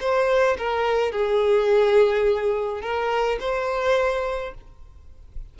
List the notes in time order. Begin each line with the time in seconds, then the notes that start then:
0.00 C5
0.58 A#4
1.12 G#4
2.81 A#4
3.40 C5